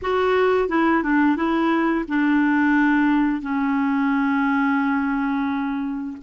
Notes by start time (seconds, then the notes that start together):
0.02 F#4
0.68 E4
1.03 D4
1.36 E4
2.08 D4
3.41 C#4